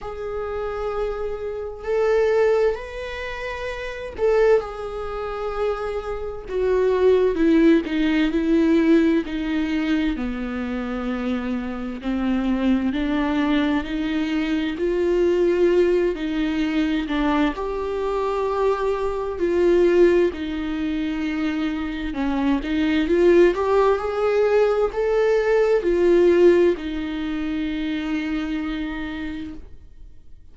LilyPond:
\new Staff \with { instrumentName = "viola" } { \time 4/4 \tempo 4 = 65 gis'2 a'4 b'4~ | b'8 a'8 gis'2 fis'4 | e'8 dis'8 e'4 dis'4 b4~ | b4 c'4 d'4 dis'4 |
f'4. dis'4 d'8 g'4~ | g'4 f'4 dis'2 | cis'8 dis'8 f'8 g'8 gis'4 a'4 | f'4 dis'2. | }